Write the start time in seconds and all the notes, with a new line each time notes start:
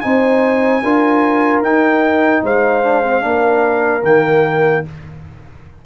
0.00 C4 D#4 C5 G#5
0.83 D4 F4 A#4
1.61 D#4 G5
2.43 G#3 C5 F5
2.83 D4
3.03 C4
3.20 A#3 D4 A#4
4.02 D#3 A#3 G5